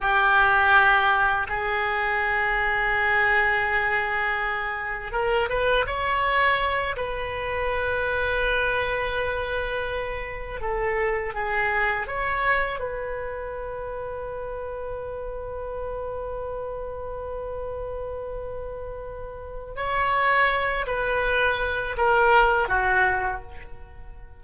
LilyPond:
\new Staff \with { instrumentName = "oboe" } { \time 4/4 \tempo 4 = 82 g'2 gis'2~ | gis'2. ais'8 b'8 | cis''4. b'2~ b'8~ | b'2~ b'8 a'4 gis'8~ |
gis'8 cis''4 b'2~ b'8~ | b'1~ | b'2. cis''4~ | cis''8 b'4. ais'4 fis'4 | }